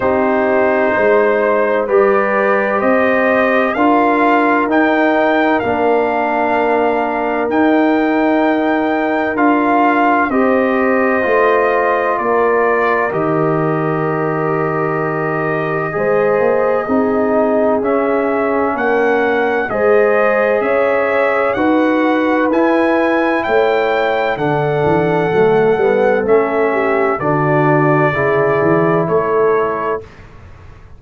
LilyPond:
<<
  \new Staff \with { instrumentName = "trumpet" } { \time 4/4 \tempo 4 = 64 c''2 d''4 dis''4 | f''4 g''4 f''2 | g''2 f''4 dis''4~ | dis''4 d''4 dis''2~ |
dis''2. e''4 | fis''4 dis''4 e''4 fis''4 | gis''4 g''4 fis''2 | e''4 d''2 cis''4 | }
  \new Staff \with { instrumentName = "horn" } { \time 4/4 g'4 c''4 b'4 c''4 | ais'1~ | ais'2. c''4~ | c''4 ais'2.~ |
ais'4 c''4 gis'2 | ais'4 c''4 cis''4 b'4~ | b'4 cis''4 a'2~ | a'8 g'8 fis'4 gis'4 a'4 | }
  \new Staff \with { instrumentName = "trombone" } { \time 4/4 dis'2 g'2 | f'4 dis'4 d'2 | dis'2 f'4 g'4 | f'2 g'2~ |
g'4 gis'4 dis'4 cis'4~ | cis'4 gis'2 fis'4 | e'2 d'4 a8 b8 | cis'4 d'4 e'2 | }
  \new Staff \with { instrumentName = "tuba" } { \time 4/4 c'4 gis4 g4 c'4 | d'4 dis'4 ais2 | dis'2 d'4 c'4 | a4 ais4 dis2~ |
dis4 gis8 ais8 c'4 cis'4 | ais4 gis4 cis'4 dis'4 | e'4 a4 d8 e8 fis8 g8 | a4 d4 cis8 e8 a4 | }
>>